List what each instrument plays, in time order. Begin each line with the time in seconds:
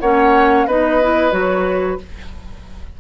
0.00 bassoon A#3, clarinet C#4, oboe C#5, flute F#5
0.66 bassoon B3, clarinet D#4, oboe B4, flute D#5
1.02 clarinet E4
1.31 bassoon F#3, clarinet F#4, flute C#5